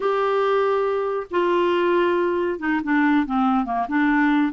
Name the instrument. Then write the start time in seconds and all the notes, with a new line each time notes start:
clarinet
0.00 G4
1.30 F4
2.59 D#4
2.83 D4
3.26 C4
3.65 A#3
3.88 D4